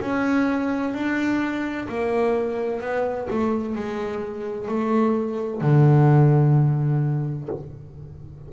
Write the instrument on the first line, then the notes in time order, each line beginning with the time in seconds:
double bass
0.00 C#4
0.94 D4
1.88 A#3
2.80 B3
3.29 A3
3.75 G#3
4.67 A3
5.61 D3